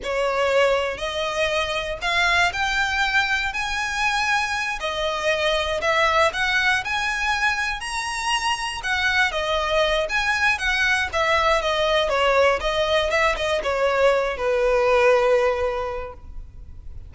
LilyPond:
\new Staff \with { instrumentName = "violin" } { \time 4/4 \tempo 4 = 119 cis''2 dis''2 | f''4 g''2 gis''4~ | gis''4. dis''2 e''8~ | e''8 fis''4 gis''2 ais''8~ |
ais''4. fis''4 dis''4. | gis''4 fis''4 e''4 dis''4 | cis''4 dis''4 e''8 dis''8 cis''4~ | cis''8 b'2.~ b'8 | }